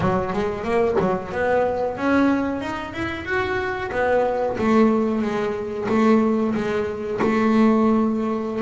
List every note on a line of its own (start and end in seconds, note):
0.00 0.33 F#3
0.33 0.63 G#3
0.63 0.96 A#3
1.00 1.32 F#3
1.32 1.97 B3
1.97 2.61 C#4
2.61 2.93 D#4
2.93 3.25 E4
3.25 3.90 F#4
3.91 4.57 B3
4.58 5.22 A3
5.22 5.87 G#3
5.89 6.54 A3
6.54 7.19 G#3
7.21 8.61 A3